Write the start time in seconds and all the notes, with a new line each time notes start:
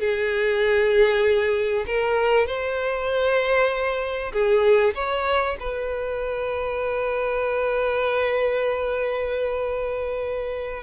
0.00 G#4
1.86 A#4
2.47 C5
4.32 G#4
4.95 C#5
5.60 B4